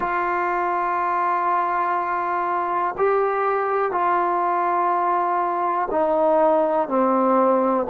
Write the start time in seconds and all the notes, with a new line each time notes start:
0.00 F4
2.97 G4
3.91 F4
5.90 D#4
6.88 C4